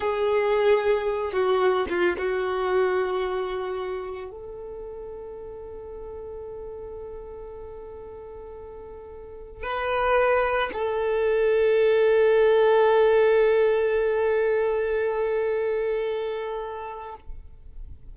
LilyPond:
\new Staff \with { instrumentName = "violin" } { \time 4/4 \tempo 4 = 112 gis'2~ gis'8 fis'4 f'8 | fis'1 | a'1~ | a'1~ |
a'2 b'2 | a'1~ | a'1~ | a'1 | }